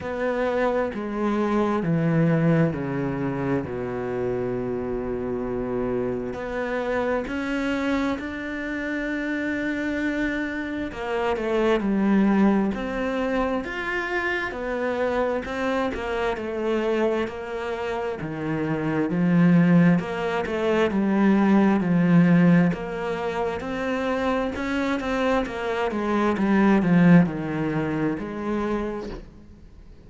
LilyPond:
\new Staff \with { instrumentName = "cello" } { \time 4/4 \tempo 4 = 66 b4 gis4 e4 cis4 | b,2. b4 | cis'4 d'2. | ais8 a8 g4 c'4 f'4 |
b4 c'8 ais8 a4 ais4 | dis4 f4 ais8 a8 g4 | f4 ais4 c'4 cis'8 c'8 | ais8 gis8 g8 f8 dis4 gis4 | }